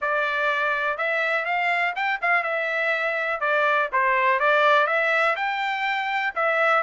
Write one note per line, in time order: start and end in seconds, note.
0.01 0.97 D5
0.97 1.45 E5
1.45 1.94 F5
1.95 2.20 G5
2.21 2.43 F5
2.43 3.40 E5
3.40 3.89 D5
3.92 4.39 C5
4.39 4.86 D5
4.86 5.35 E5
5.35 6.33 G5
6.35 6.82 E5